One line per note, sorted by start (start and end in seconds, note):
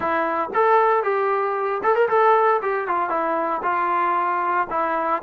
0.00 0.50 E4
0.53 1.03 A4
1.03 1.81 G4
1.83 1.95 A4
1.95 2.08 A#4
2.08 2.61 A4
2.62 2.87 G4
2.87 3.09 F4
3.09 3.61 E4
3.62 4.67 F4
4.70 5.22 E4